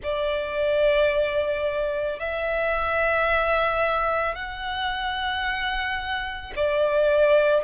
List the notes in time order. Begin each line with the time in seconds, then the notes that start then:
0.03 D5
2.19 E5
4.35 F#5
6.56 D5